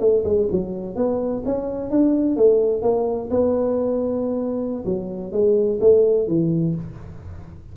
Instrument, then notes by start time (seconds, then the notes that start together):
tuba
0.00 A3
0.24 G#3
0.51 F#3
0.95 B3
1.45 C#4
1.90 D4
2.36 A3
2.82 A#3
3.30 B3
4.85 F#3
5.32 G#3
5.80 A3
6.27 E3